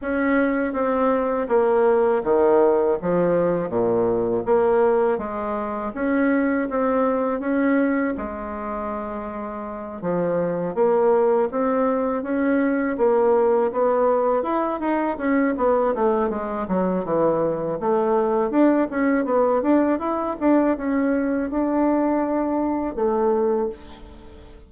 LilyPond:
\new Staff \with { instrumentName = "bassoon" } { \time 4/4 \tempo 4 = 81 cis'4 c'4 ais4 dis4 | f4 ais,4 ais4 gis4 | cis'4 c'4 cis'4 gis4~ | gis4. f4 ais4 c'8~ |
c'8 cis'4 ais4 b4 e'8 | dis'8 cis'8 b8 a8 gis8 fis8 e4 | a4 d'8 cis'8 b8 d'8 e'8 d'8 | cis'4 d'2 a4 | }